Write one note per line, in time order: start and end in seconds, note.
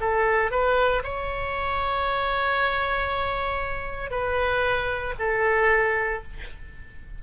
0.00 0.51 A4
0.51 1.03 B4
1.03 4.11 C#5
4.11 5.14 B4
5.19 6.23 A4